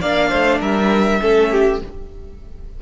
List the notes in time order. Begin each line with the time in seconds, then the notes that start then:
0.00 A#3 D4 D5 F5
0.29 A3 C5
0.60 G3 A#4 E5
1.20 A3 C#4 A4
1.51 G4